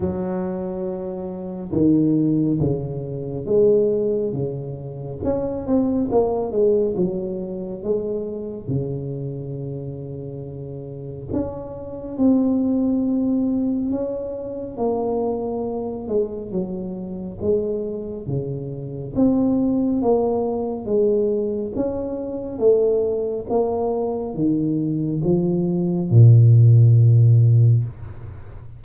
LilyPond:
\new Staff \with { instrumentName = "tuba" } { \time 4/4 \tempo 4 = 69 fis2 dis4 cis4 | gis4 cis4 cis'8 c'8 ais8 gis8 | fis4 gis4 cis2~ | cis4 cis'4 c'2 |
cis'4 ais4. gis8 fis4 | gis4 cis4 c'4 ais4 | gis4 cis'4 a4 ais4 | dis4 f4 ais,2 | }